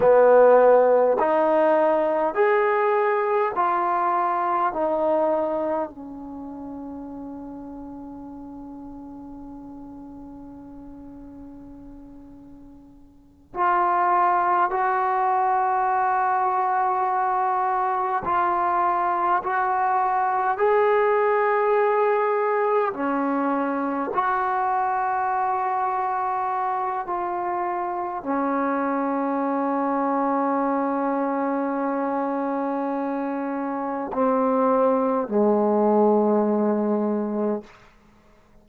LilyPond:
\new Staff \with { instrumentName = "trombone" } { \time 4/4 \tempo 4 = 51 b4 dis'4 gis'4 f'4 | dis'4 cis'2.~ | cis'2.~ cis'8 f'8~ | f'8 fis'2. f'8~ |
f'8 fis'4 gis'2 cis'8~ | cis'8 fis'2~ fis'8 f'4 | cis'1~ | cis'4 c'4 gis2 | }